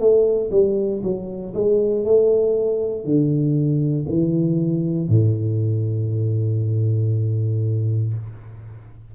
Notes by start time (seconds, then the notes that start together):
0.00 A3
0.51 G3
1.03 F#3
1.55 G#3
2.05 A3
3.05 D3
4.09 E3
5.09 A2